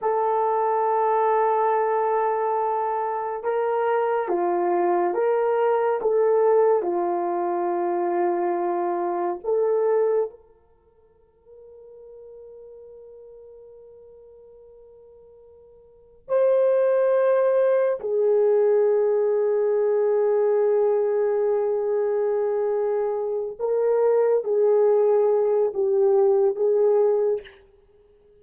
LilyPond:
\new Staff \with { instrumentName = "horn" } { \time 4/4 \tempo 4 = 70 a'1 | ais'4 f'4 ais'4 a'4 | f'2. a'4 | ais'1~ |
ais'2. c''4~ | c''4 gis'2.~ | gis'2.~ gis'8 ais'8~ | ais'8 gis'4. g'4 gis'4 | }